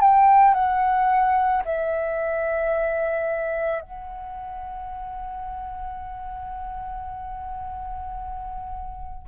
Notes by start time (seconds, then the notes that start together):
0.00 G5
0.54 F#5
1.64 E5
3.81 F#5